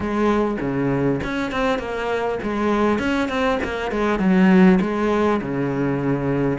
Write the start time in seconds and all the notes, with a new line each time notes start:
0.00 G#3
0.60 C#3
1.23 C#4
1.51 C4
1.78 A#3
2.42 G#3
2.98 C#4
3.28 C4
3.63 A#3
3.91 G#3
4.19 F#3
4.80 G#3
5.41 C#3